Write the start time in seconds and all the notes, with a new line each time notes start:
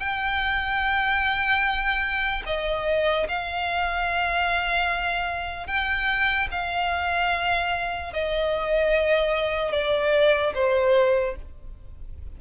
0.00 G5
2.46 D#5
3.29 F5
5.67 G5
6.52 F5
8.13 D#5
9.73 D5
10.55 C5